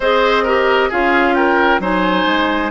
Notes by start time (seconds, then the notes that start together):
0.00 C4 G#4 C5 D#5
0.43 G4 A#4
0.89 C#4 F4 G#4 F5
1.34 A#4 G5
1.79 F#3 D#4 C5 G#5
2.25 G#3